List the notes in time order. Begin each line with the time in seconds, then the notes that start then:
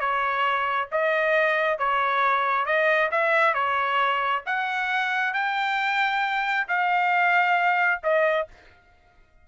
0.00 C#5
0.92 D#5
1.78 C#5
2.66 D#5
3.11 E5
3.54 C#5
4.46 F#5
5.34 G5
6.68 F5
8.03 D#5